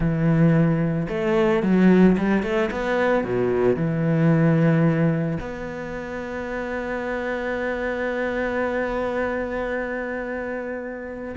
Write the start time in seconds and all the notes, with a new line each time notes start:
0.00 E3
1.08 A3
1.62 F#3
2.17 G3
2.43 A3
2.71 B3
3.24 B2
3.76 E3
5.40 B3